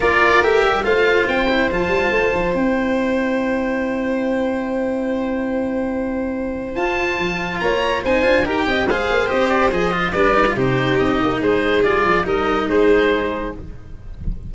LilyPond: <<
  \new Staff \with { instrumentName = "oboe" } { \time 4/4 \tempo 4 = 142 d''4 e''4 f''4 g''4 | a''2 g''2~ | g''1~ | g''1 |
a''2 ais''4 gis''4 | g''4 f''4 dis''8 d''8 dis''4 | d''4 c''4 dis''4 c''4 | d''4 dis''4 c''2 | }
  \new Staff \with { instrumentName = "violin" } { \time 4/4 ais'2 c''2~ | c''1~ | c''1~ | c''1~ |
c''2 cis''4 c''4 | ais'8 dis''8 c''2. | b'4 g'2 gis'4~ | gis'4 ais'4 gis'2 | }
  \new Staff \with { instrumentName = "cello" } { \time 4/4 f'4 g'4 f'4. e'8 | f'2 e'2~ | e'1~ | e'1 |
f'2. dis'8 f'8 | g'4 gis'4 g'4 gis'8 f'8 | d'8 dis'16 f'16 dis'2. | f'4 dis'2. | }
  \new Staff \with { instrumentName = "tuba" } { \time 4/4 ais4 a8 g8 a4 c'4 | f8 g8 a8 f8 c'2~ | c'1~ | c'1 |
f'4 f4 ais4 c'8 d'8 | dis'8 c'8 gis8 ais8 c'4 f4 | g4 c4 c'8 ais8 gis4 | g8 f8 g4 gis2 | }
>>